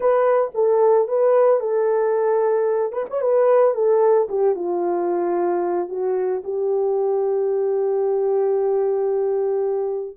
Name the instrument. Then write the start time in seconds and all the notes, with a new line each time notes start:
horn
0.00 B4
0.54 A4
1.08 B4
1.59 A4
2.92 B4
3.09 C#5
3.21 B4
3.74 A4
4.28 G4
4.55 F4
5.88 F#4
6.44 G4